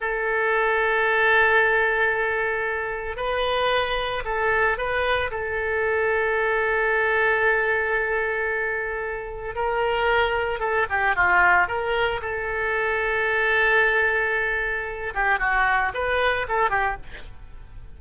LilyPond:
\new Staff \with { instrumentName = "oboe" } { \time 4/4 \tempo 4 = 113 a'1~ | a'2 b'2 | a'4 b'4 a'2~ | a'1~ |
a'2 ais'2 | a'8 g'8 f'4 ais'4 a'4~ | a'1~ | a'8 g'8 fis'4 b'4 a'8 g'8 | }